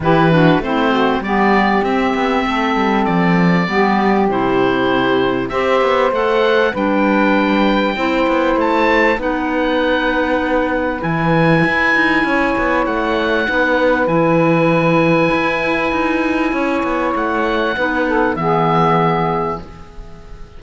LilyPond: <<
  \new Staff \with { instrumentName = "oboe" } { \time 4/4 \tempo 4 = 98 b'4 c''4 d''4 e''4~ | e''4 d''2 c''4~ | c''4 e''4 fis''4 g''4~ | g''2 a''4 fis''4~ |
fis''2 gis''2~ | gis''4 fis''2 gis''4~ | gis''1 | fis''2 e''2 | }
  \new Staff \with { instrumentName = "saxophone" } { \time 4/4 g'8 fis'8 e'8 fis'8 g'2 | a'2 g'2~ | g'4 c''2 b'4~ | b'4 c''2 b'4~ |
b'1 | cis''2 b'2~ | b'2. cis''4~ | cis''4 b'8 a'8 gis'2 | }
  \new Staff \with { instrumentName = "clarinet" } { \time 4/4 e'8 d'8 c'4 b4 c'4~ | c'2 b4 e'4~ | e'4 g'4 a'4 d'4~ | d'4 e'2 dis'4~ |
dis'2 e'2~ | e'2 dis'4 e'4~ | e'1~ | e'4 dis'4 b2 | }
  \new Staff \with { instrumentName = "cello" } { \time 4/4 e4 a4 g4 c'8 b8 | a8 g8 f4 g4 c4~ | c4 c'8 b8 a4 g4~ | g4 c'8 b8 a4 b4~ |
b2 e4 e'8 dis'8 | cis'8 b8 a4 b4 e4~ | e4 e'4 dis'4 cis'8 b8 | a4 b4 e2 | }
>>